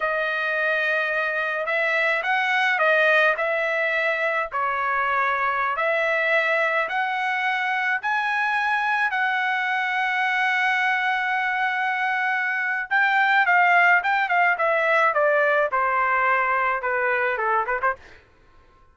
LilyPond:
\new Staff \with { instrumentName = "trumpet" } { \time 4/4 \tempo 4 = 107 dis''2. e''4 | fis''4 dis''4 e''2 | cis''2~ cis''16 e''4.~ e''16~ | e''16 fis''2 gis''4.~ gis''16~ |
gis''16 fis''2.~ fis''8.~ | fis''2. g''4 | f''4 g''8 f''8 e''4 d''4 | c''2 b'4 a'8 b'16 c''16 | }